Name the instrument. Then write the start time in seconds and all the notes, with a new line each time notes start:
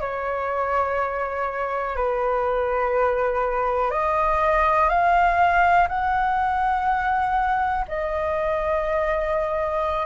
flute
0.00 C#5
1.95 B4
3.91 D#5
4.89 F5
5.88 F#5
7.88 D#5